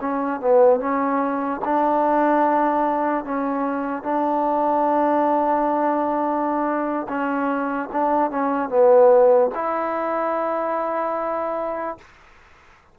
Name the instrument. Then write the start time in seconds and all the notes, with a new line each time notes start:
trombone
0.00 C#4
0.40 B3
0.79 C#4
1.64 D4
3.24 C#4
4.02 D4
7.08 C#4
7.92 D4
8.30 C#4
8.69 B3
9.54 E4